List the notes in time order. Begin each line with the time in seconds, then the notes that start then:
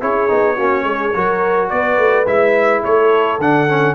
0.00 C#4 E4 G#4 C#5
0.28 B3 D#4
0.55 A#3 C#4 F#4
0.83 G#3 G#4
1.14 F#3 F#4 A#4
1.69 B3 B4 D5
1.97 A3
2.26 G#3 E4 E5
2.82 A3 A4 C#5
3.38 D3 D4 F#5
3.68 C#4